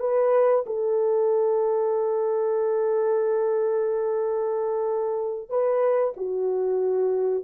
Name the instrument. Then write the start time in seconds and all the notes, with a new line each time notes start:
horn
0.00 B4
0.66 A4
5.49 B4
6.17 F#4